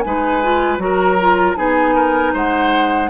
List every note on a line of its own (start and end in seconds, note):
0.00 0.77 G#3
0.00 0.42 D#4
0.00 0.82 B4
0.00 0.77 G#5
0.42 0.78 F4
0.77 1.54 F#3
0.77 1.16 F#4
0.77 1.56 A#5
0.84 1.57 A#4
1.20 1.56 F4
1.56 2.33 B3
1.56 3.09 D#4
1.56 1.95 G#4
1.56 2.33 G#5
1.95 2.33 A#4
2.33 3.09 G#3
2.33 3.09 C5
2.33 3.09 F#5